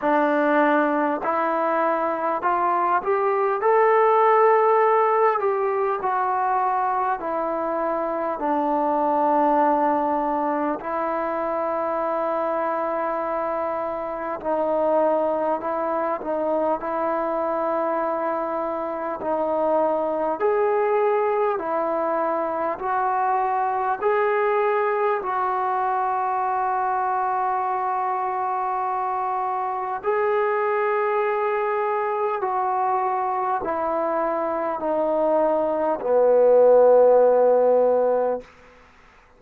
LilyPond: \new Staff \with { instrumentName = "trombone" } { \time 4/4 \tempo 4 = 50 d'4 e'4 f'8 g'8 a'4~ | a'8 g'8 fis'4 e'4 d'4~ | d'4 e'2. | dis'4 e'8 dis'8 e'2 |
dis'4 gis'4 e'4 fis'4 | gis'4 fis'2.~ | fis'4 gis'2 fis'4 | e'4 dis'4 b2 | }